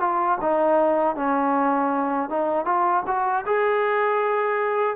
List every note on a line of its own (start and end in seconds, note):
0.00 0.38 F4
0.41 1.15 D#4
1.15 2.29 C#4
2.30 2.65 D#4
2.65 3.03 F4
3.07 3.45 F#4
3.46 4.96 G#4